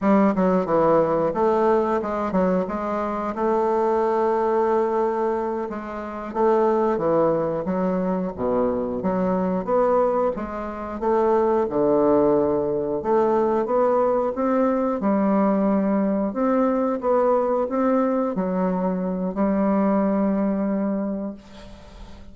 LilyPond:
\new Staff \with { instrumentName = "bassoon" } { \time 4/4 \tempo 4 = 90 g8 fis8 e4 a4 gis8 fis8 | gis4 a2.~ | a8 gis4 a4 e4 fis8~ | fis8 b,4 fis4 b4 gis8~ |
gis8 a4 d2 a8~ | a8 b4 c'4 g4.~ | g8 c'4 b4 c'4 fis8~ | fis4 g2. | }